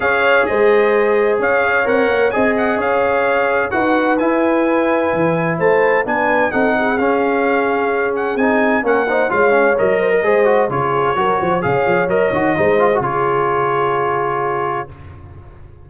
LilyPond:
<<
  \new Staff \with { instrumentName = "trumpet" } { \time 4/4 \tempo 4 = 129 f''4 dis''2 f''4 | fis''4 gis''8 fis''8 f''2 | fis''4 gis''2. | a''4 gis''4 fis''4 f''4~ |
f''4. fis''8 gis''4 fis''4 | f''4 dis''2 cis''4~ | cis''4 f''4 dis''2 | cis''1 | }
  \new Staff \with { instrumentName = "horn" } { \time 4/4 cis''4 c''2 cis''4~ | cis''4 dis''4 cis''2 | b'1 | c''4 b'4 a'8 gis'4.~ |
gis'2. ais'8 c''8 | cis''4. c''16 ais'16 c''4 gis'4 | ais'8 c''8 cis''2 c''4 | gis'1 | }
  \new Staff \with { instrumentName = "trombone" } { \time 4/4 gis'1 | ais'4 gis'2. | fis'4 e'2.~ | e'4 d'4 dis'4 cis'4~ |
cis'2 dis'4 cis'8 dis'8 | f'8 cis'8 ais'4 gis'8 fis'8 f'4 | fis'4 gis'4 ais'8 fis'8 dis'8 f'16 fis'16 | f'1 | }
  \new Staff \with { instrumentName = "tuba" } { \time 4/4 cis'4 gis2 cis'4 | c'8 ais8 c'4 cis'2 | dis'4 e'2 e4 | a4 b4 c'4 cis'4~ |
cis'2 c'4 ais4 | gis4 fis4 gis4 cis4 | fis8 f8 cis8 f8 fis8 dis8 gis4 | cis1 | }
>>